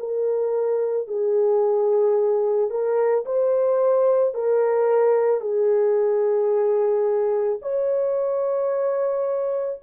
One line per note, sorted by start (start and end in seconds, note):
0.00 1.08 A#4
1.08 2.71 G#4
2.71 3.25 A#4
3.26 4.34 C5
4.34 5.41 A#4
5.41 7.59 G#4
7.62 9.80 C#5